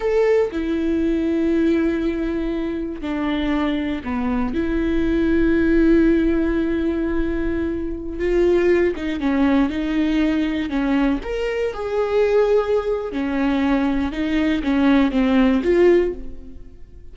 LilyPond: \new Staff \with { instrumentName = "viola" } { \time 4/4 \tempo 4 = 119 a'4 e'2.~ | e'2 d'2 | b4 e'2.~ | e'1~ |
e'16 f'4. dis'8 cis'4 dis'8.~ | dis'4~ dis'16 cis'4 ais'4 gis'8.~ | gis'2 cis'2 | dis'4 cis'4 c'4 f'4 | }